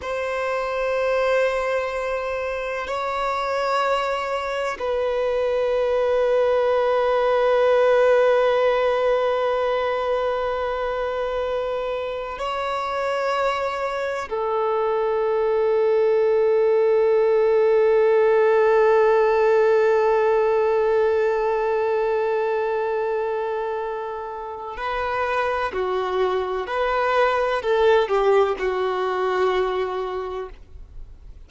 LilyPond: \new Staff \with { instrumentName = "violin" } { \time 4/4 \tempo 4 = 63 c''2. cis''4~ | cis''4 b'2.~ | b'1~ | b'4 cis''2 a'4~ |
a'1~ | a'1~ | a'2 b'4 fis'4 | b'4 a'8 g'8 fis'2 | }